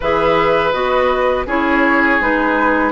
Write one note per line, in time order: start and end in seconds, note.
0.00 0.73 E3
0.00 0.72 G#4
0.00 1.46 B4
0.00 0.72 E5
0.72 1.46 B3
0.72 1.45 F#4
0.72 1.45 D#5
1.46 2.19 C#4
1.46 2.21 E4
1.46 2.92 G#4
1.46 2.21 C#5
2.20 2.92 G#3
2.20 2.92 D#4
2.20 2.92 B4